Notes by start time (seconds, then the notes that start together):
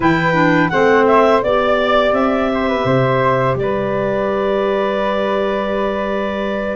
0.00 E3 E4 B4 G5
0.33 D4
0.69 A3 C4 C5 F#5
1.06 E5
1.42 B3 G4 D5
2.12 C4 E5
2.54 C5
2.68 B4
2.84 C3 C5
3.55 G3 D5
3.62 B4